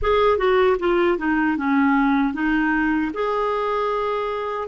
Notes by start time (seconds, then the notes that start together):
0.02 G#4
0.38 F#4
0.79 F4
1.18 D#4
1.57 C#4
2.33 D#4
3.13 G#4